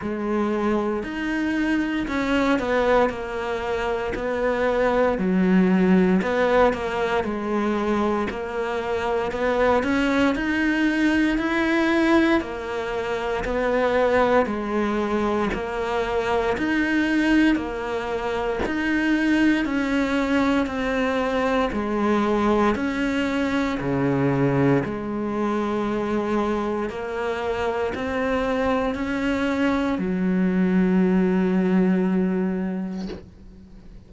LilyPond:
\new Staff \with { instrumentName = "cello" } { \time 4/4 \tempo 4 = 58 gis4 dis'4 cis'8 b8 ais4 | b4 fis4 b8 ais8 gis4 | ais4 b8 cis'8 dis'4 e'4 | ais4 b4 gis4 ais4 |
dis'4 ais4 dis'4 cis'4 | c'4 gis4 cis'4 cis4 | gis2 ais4 c'4 | cis'4 fis2. | }